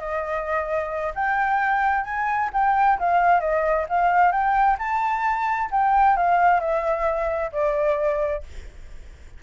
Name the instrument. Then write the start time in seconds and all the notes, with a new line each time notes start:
flute
0.00 D#5
1.15 G5
2.05 G#5
2.54 G5
3.00 F5
3.41 D#5
3.89 F5
4.32 G5
4.79 A5
5.71 G5
6.17 F5
6.61 E5
7.53 D5